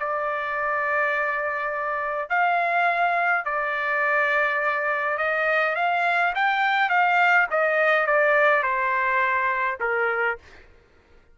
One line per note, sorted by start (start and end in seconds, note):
0.00 2.30 D5
2.30 3.45 F5
3.45 5.18 D5
5.18 5.76 D#5
5.76 6.33 F5
6.35 6.89 G5
6.89 7.47 F5
7.51 8.07 D#5
8.07 8.63 D5
8.63 9.78 C5
9.81 10.38 A#4